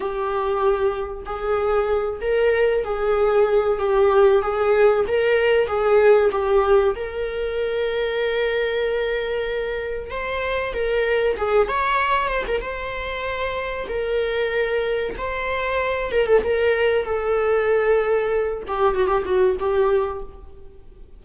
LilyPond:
\new Staff \with { instrumentName = "viola" } { \time 4/4 \tempo 4 = 95 g'2 gis'4. ais'8~ | ais'8 gis'4. g'4 gis'4 | ais'4 gis'4 g'4 ais'4~ | ais'1 |
c''4 ais'4 gis'8 cis''4 c''16 ais'16 | c''2 ais'2 | c''4. ais'16 a'16 ais'4 a'4~ | a'4. g'8 fis'16 g'16 fis'8 g'4 | }